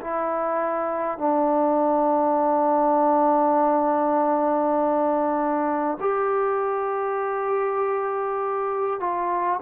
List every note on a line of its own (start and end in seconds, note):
0.00 1.17 E4
1.17 5.97 D4
6.00 9.00 G4
9.00 9.60 F4